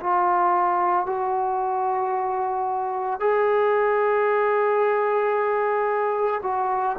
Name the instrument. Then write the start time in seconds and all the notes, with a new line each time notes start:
trombone
0.00 F4
1.06 F#4
3.20 G#4
6.43 F#4